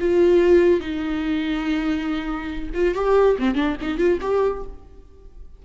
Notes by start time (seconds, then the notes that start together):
0.00 F4
0.80 D#4
2.74 F4
2.95 G4
3.39 C4
3.55 D4
3.82 D#4
3.98 F4
4.21 G4